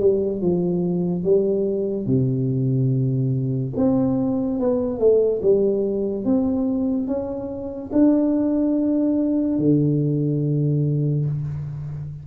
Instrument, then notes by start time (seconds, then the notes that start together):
tuba
0.00 G3
0.41 F3
1.24 G3
2.06 C3
3.77 C4
4.60 B3
4.99 A3
5.42 G3
6.25 C4
7.08 C#4
7.93 D4
9.59 D3